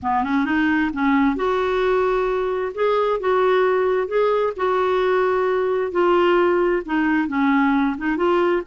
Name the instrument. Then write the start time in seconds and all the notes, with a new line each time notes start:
clarinet
0.02 B3
0.23 C#4
0.45 D#4
0.93 C#4
1.36 F#4
2.74 G#4
3.20 F#4
4.07 G#4
4.56 F#4
5.91 F4
6.85 D#4
7.28 C#4
7.97 D#4
8.17 F4